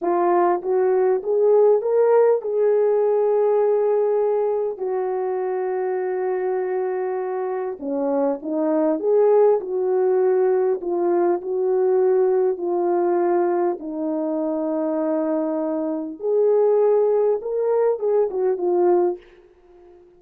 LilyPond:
\new Staff \with { instrumentName = "horn" } { \time 4/4 \tempo 4 = 100 f'4 fis'4 gis'4 ais'4 | gis'1 | fis'1~ | fis'4 cis'4 dis'4 gis'4 |
fis'2 f'4 fis'4~ | fis'4 f'2 dis'4~ | dis'2. gis'4~ | gis'4 ais'4 gis'8 fis'8 f'4 | }